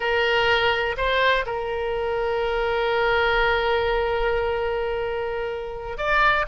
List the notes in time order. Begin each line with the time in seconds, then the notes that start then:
0.00 A#4
0.97 C5
1.46 A#4
5.97 D5